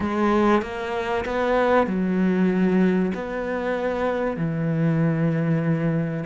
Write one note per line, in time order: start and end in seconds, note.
0.00 0.62 G#3
0.62 1.24 A#3
1.25 1.86 B3
1.86 3.11 F#3
3.14 4.36 B3
4.36 6.24 E3